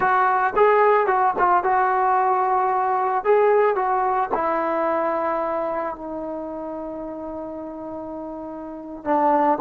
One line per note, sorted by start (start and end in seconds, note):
0.00 0.53 F#4
0.56 1.06 G#4
1.06 1.33 F#4
1.38 1.63 F4
1.63 3.24 F#4
3.24 3.75 G#4
3.75 4.29 F#4
4.34 5.95 E4
5.95 9.04 D#4
9.04 9.58 D4